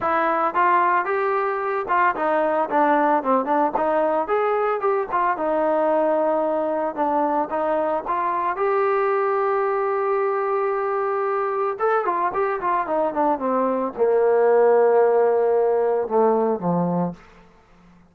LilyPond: \new Staff \with { instrumentName = "trombone" } { \time 4/4 \tempo 4 = 112 e'4 f'4 g'4. f'8 | dis'4 d'4 c'8 d'8 dis'4 | gis'4 g'8 f'8 dis'2~ | dis'4 d'4 dis'4 f'4 |
g'1~ | g'2 a'8 f'8 g'8 f'8 | dis'8 d'8 c'4 ais2~ | ais2 a4 f4 | }